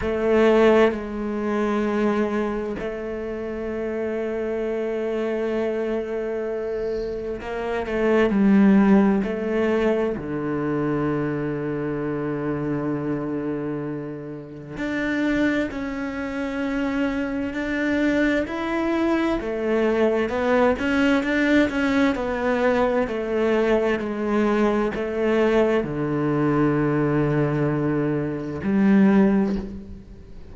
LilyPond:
\new Staff \with { instrumentName = "cello" } { \time 4/4 \tempo 4 = 65 a4 gis2 a4~ | a1 | ais8 a8 g4 a4 d4~ | d1 |
d'4 cis'2 d'4 | e'4 a4 b8 cis'8 d'8 cis'8 | b4 a4 gis4 a4 | d2. g4 | }